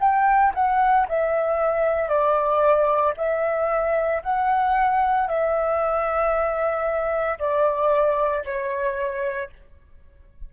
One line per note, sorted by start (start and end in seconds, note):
0.00 0.53 G5
0.55 1.07 F#5
1.09 2.09 E5
2.09 3.14 D5
3.17 4.22 E5
4.23 5.28 F#5
5.28 7.38 E5
7.39 8.44 D5
8.45 9.50 C#5